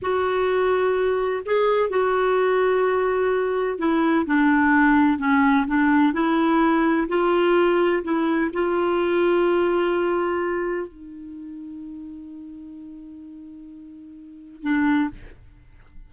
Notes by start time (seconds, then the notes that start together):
0.02 F#4
1.45 G#4
1.89 F#4
3.78 E4
4.25 D4
5.18 C#4
5.67 D4
6.13 E4
7.08 F4
8.03 E4
8.53 F4
10.87 D#4
14.62 D4